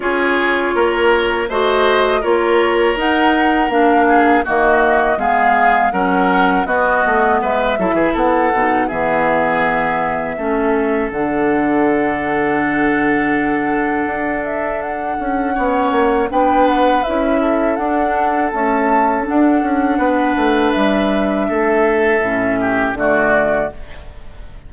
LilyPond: <<
  \new Staff \with { instrumentName = "flute" } { \time 4/4 \tempo 4 = 81 cis''2 dis''4 cis''4 | fis''4 f''4 dis''4 f''4 | fis''4 dis''4 e''4 fis''4 | e''2. fis''4~ |
fis''2.~ fis''8 e''8 | fis''2 g''8 fis''8 e''4 | fis''4 a''4 fis''2 | e''2. d''4 | }
  \new Staff \with { instrumentName = "oboe" } { \time 4/4 gis'4 ais'4 c''4 ais'4~ | ais'4. gis'8 fis'4 gis'4 | ais'4 fis'4 b'8 a'16 gis'16 a'4 | gis'2 a'2~ |
a'1~ | a'4 cis''4 b'4. a'8~ | a'2. b'4~ | b'4 a'4. g'8 fis'4 | }
  \new Staff \with { instrumentName = "clarinet" } { \time 4/4 f'2 fis'4 f'4 | dis'4 d'4 ais4 b4 | cis'4 b4. e'4 dis'8 | b2 cis'4 d'4~ |
d'1~ | d'4 cis'4 d'4 e'4 | d'4 a4 d'2~ | d'2 cis'4 a4 | }
  \new Staff \with { instrumentName = "bassoon" } { \time 4/4 cis'4 ais4 a4 ais4 | dis'4 ais4 dis4 gis4 | fis4 b8 a8 gis8 fis16 e16 b8 b,8 | e2 a4 d4~ |
d2. d'4~ | d'8 cis'8 b8 ais8 b4 cis'4 | d'4 cis'4 d'8 cis'8 b8 a8 | g4 a4 a,4 d4 | }
>>